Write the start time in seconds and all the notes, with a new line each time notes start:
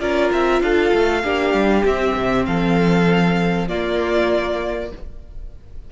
0.00 C#4 F4 A#4 D5
0.33 C4 E5
0.61 D4 A4 F5
0.94 A3
1.24 A#3 D4 G4
1.54 G3
1.85 C4 E5
2.16 C3
2.46 F3 A4 F5
3.68 A#3 F4 D5